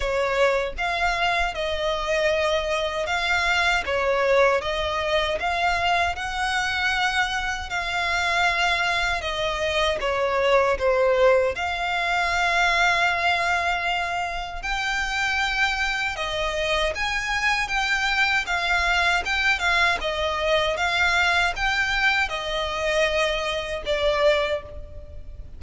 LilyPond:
\new Staff \with { instrumentName = "violin" } { \time 4/4 \tempo 4 = 78 cis''4 f''4 dis''2 | f''4 cis''4 dis''4 f''4 | fis''2 f''2 | dis''4 cis''4 c''4 f''4~ |
f''2. g''4~ | g''4 dis''4 gis''4 g''4 | f''4 g''8 f''8 dis''4 f''4 | g''4 dis''2 d''4 | }